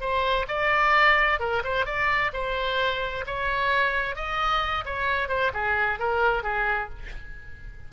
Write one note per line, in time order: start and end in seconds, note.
0.00 0.46 C5
0.47 1.39 D5
1.39 1.62 A#4
1.63 1.85 C5
1.85 2.31 D5
2.33 3.24 C5
3.26 4.15 C#5
4.15 4.84 D#5
4.85 5.28 C#5
5.28 5.51 C5
5.53 5.99 G#4
5.99 6.43 A#4
6.43 6.89 G#4